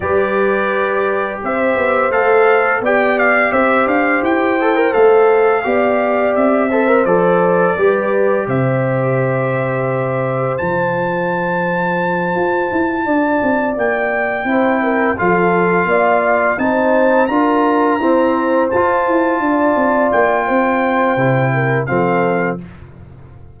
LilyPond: <<
  \new Staff \with { instrumentName = "trumpet" } { \time 4/4 \tempo 4 = 85 d''2 e''4 f''4 | g''8 f''8 e''8 f''8 g''4 f''4~ | f''4 e''4 d''2 | e''2. a''4~ |
a''2.~ a''8 g''8~ | g''4. f''2 a''8~ | a''8 ais''2 a''4.~ | a''8 g''2~ g''8 f''4 | }
  \new Staff \with { instrumentName = "horn" } { \time 4/4 b'2 c''2 | d''4 c''2. | d''4. c''4. b'4 | c''1~ |
c''2~ c''8 d''4.~ | d''8 c''8 ais'8 a'4 d''4 c''8~ | c''8 ais'4 c''2 d''8~ | d''4 c''4. ais'8 a'4 | }
  \new Staff \with { instrumentName = "trombone" } { \time 4/4 g'2. a'4 | g'2~ g'8 a'16 ais'16 a'4 | g'4. a'16 ais'16 a'4 g'4~ | g'2. f'4~ |
f'1~ | f'8 e'4 f'2 dis'8~ | dis'8 f'4 c'4 f'4.~ | f'2 e'4 c'4 | }
  \new Staff \with { instrumentName = "tuba" } { \time 4/4 g2 c'8 b8 a4 | b4 c'8 d'8 e'4 a4 | b4 c'4 f4 g4 | c2. f4~ |
f4. f'8 e'8 d'8 c'8 ais8~ | ais8 c'4 f4 ais4 c'8~ | c'8 d'4 e'4 f'8 e'8 d'8 | c'8 ais8 c'4 c4 f4 | }
>>